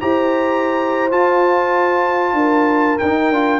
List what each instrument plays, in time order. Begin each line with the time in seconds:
0.00 tuba E4, trombone G4, horn C5, trumpet A#5
1.10 trombone F4, tuba F4, trumpet A5
2.33 tuba D4, horn A#4
2.98 tuba D#4, trumpet G5
3.05 trombone D#4
3.30 tuba D4, trombone F4